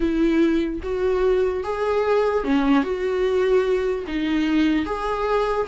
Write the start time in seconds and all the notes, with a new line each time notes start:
0.00 E4
0.83 F#4
1.63 G#4
2.44 C#4
2.83 F#4
4.07 D#4
4.85 G#4